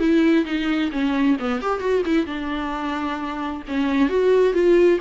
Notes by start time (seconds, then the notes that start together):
0.00 E4
0.46 D#4
0.92 C#4
1.40 B3
1.62 G4
1.80 F#4
2.06 E4
2.27 D4
3.68 C#4
4.10 F#4
4.54 F4